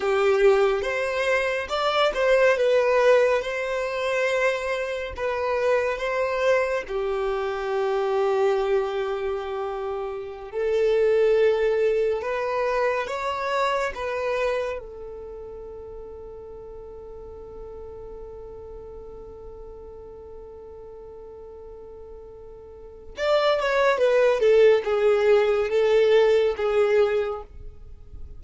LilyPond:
\new Staff \with { instrumentName = "violin" } { \time 4/4 \tempo 4 = 70 g'4 c''4 d''8 c''8 b'4 | c''2 b'4 c''4 | g'1~ | g'16 a'2 b'4 cis''8.~ |
cis''16 b'4 a'2~ a'8.~ | a'1~ | a'2. d''8 cis''8 | b'8 a'8 gis'4 a'4 gis'4 | }